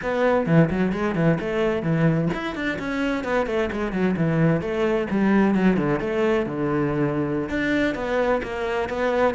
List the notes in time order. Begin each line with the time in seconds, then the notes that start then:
0.02 B3
0.46 E3
0.70 F#3
0.92 G#3
1.15 E3
1.40 A3
1.82 E3
2.33 E4
2.55 D4
2.79 C#4
3.23 B3
3.46 A3
3.72 G#3
3.92 F#3
4.16 E3
4.61 A3
5.10 G3
5.54 F#3
5.76 D3
5.99 A3
6.46 D3
7.49 D4
7.94 B3
8.43 A#3
8.89 B3